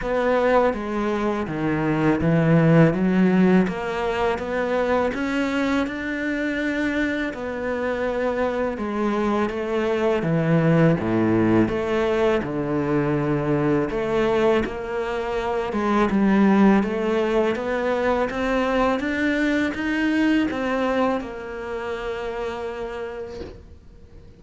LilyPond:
\new Staff \with { instrumentName = "cello" } { \time 4/4 \tempo 4 = 82 b4 gis4 dis4 e4 | fis4 ais4 b4 cis'4 | d'2 b2 | gis4 a4 e4 a,4 |
a4 d2 a4 | ais4. gis8 g4 a4 | b4 c'4 d'4 dis'4 | c'4 ais2. | }